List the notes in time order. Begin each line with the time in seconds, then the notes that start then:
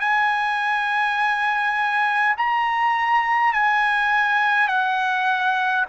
0.00 G#5
2.37 A#5
3.53 G#5
4.68 F#5